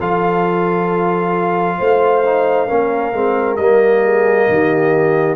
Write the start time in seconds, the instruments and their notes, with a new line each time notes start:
0.00 tuba F3, trombone F4, horn A4, trumpet F5
1.78 tuba A3, horn C5
2.25 trombone D#4
2.67 tuba A#3, trombone C#4, horn A#4
3.13 tuba G#3, trombone C4
3.57 tuba G3, trombone A#3, trumpet D#5
4.04 horn G#4
4.49 tuba D#3, horn G4